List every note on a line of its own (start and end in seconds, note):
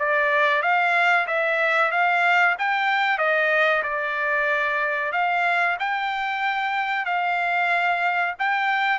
0.00 0.62 D5
0.62 1.27 F5
1.28 1.92 E5
1.92 2.56 F5
2.59 3.19 G5
3.19 3.83 D#5
3.83 5.12 D5
5.13 5.77 F5
5.80 7.06 G5
7.06 8.35 F5
8.40 8.99 G5